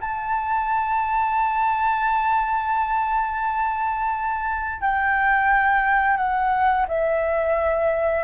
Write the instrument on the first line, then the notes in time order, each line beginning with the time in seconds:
flute
0.00 A5
4.81 G5
6.17 F#5
6.88 E5